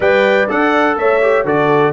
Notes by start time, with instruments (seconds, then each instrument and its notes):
0.00 tuba G3, trombone B4, horn D5, trumpet G5
0.48 tuba D4, trombone A4, trumpet F#5
0.96 tuba A3, horn C#5, trumpet E5
1.21 trombone G4
1.44 tuba D3, trombone F#4, horn A4, trumpet D5